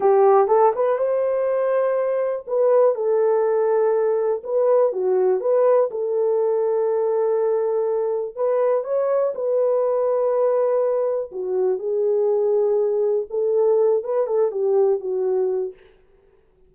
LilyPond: \new Staff \with { instrumentName = "horn" } { \time 4/4 \tempo 4 = 122 g'4 a'8 b'8 c''2~ | c''4 b'4 a'2~ | a'4 b'4 fis'4 b'4 | a'1~ |
a'4 b'4 cis''4 b'4~ | b'2. fis'4 | gis'2. a'4~ | a'8 b'8 a'8 g'4 fis'4. | }